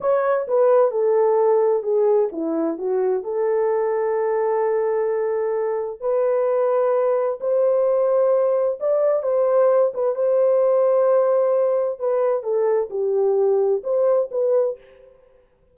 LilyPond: \new Staff \with { instrumentName = "horn" } { \time 4/4 \tempo 4 = 130 cis''4 b'4 a'2 | gis'4 e'4 fis'4 a'4~ | a'1~ | a'4 b'2. |
c''2. d''4 | c''4. b'8 c''2~ | c''2 b'4 a'4 | g'2 c''4 b'4 | }